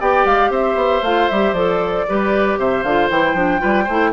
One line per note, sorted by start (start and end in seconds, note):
0.00 0.25 B3
0.00 1.03 G4
0.00 0.51 D5
0.00 0.26 G5
0.25 0.50 G#3
0.25 0.52 F5
0.50 0.75 C4
0.50 2.06 C5
0.50 1.04 E5
0.75 1.01 B3
1.02 1.28 A3
1.02 1.31 F4
1.02 1.29 F5
1.29 1.53 G3
1.29 1.56 G4
1.29 1.54 E5
1.53 2.04 F3
1.53 2.08 A4
1.53 2.57 D5
2.08 2.58 G3
2.08 2.86 G4
2.08 2.59 B4
2.58 2.84 C3
2.58 3.62 C5
2.58 2.83 E5
2.83 3.09 D3
2.83 3.11 F4
2.83 3.09 F5
3.10 3.34 E3
3.10 3.36 E4
3.10 4.13 G5
3.34 3.59 F3
3.34 3.59 D4
3.59 3.88 G3
3.59 3.85 F4
3.59 3.84 B4
3.84 4.13 A3
3.84 4.10 C5
3.90 4.13 E4